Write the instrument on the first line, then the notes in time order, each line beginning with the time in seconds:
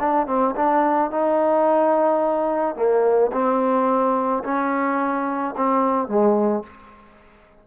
trombone
0.00 D4
0.27 C4
0.56 D4
1.11 D#4
2.76 A#3
3.33 C4
4.44 C#4
5.57 C4
6.08 G#3